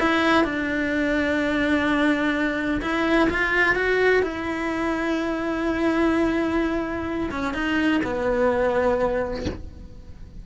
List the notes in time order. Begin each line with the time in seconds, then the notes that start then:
0.00 E4
0.45 D4
2.82 E4
3.30 F4
3.76 F#4
4.23 E4
7.31 C#4
7.54 D#4
8.04 B3